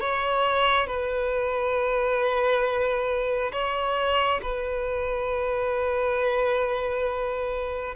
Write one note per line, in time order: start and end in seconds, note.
0.00 0.87 C#5
0.87 3.51 B4
3.52 4.40 C#5
4.42 7.95 B4